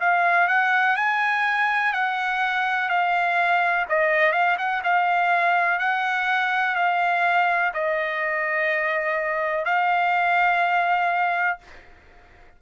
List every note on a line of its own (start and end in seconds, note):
0.00 0.48 F5
0.48 0.96 F#5
0.96 1.93 G#5
1.93 2.89 F#5
2.89 3.86 F5
3.88 4.32 D#5
4.32 4.56 F5
4.58 4.82 F#5
4.83 5.79 F5
5.79 6.75 F#5
6.75 7.72 F5
7.73 9.65 D#5
9.65 11.58 F5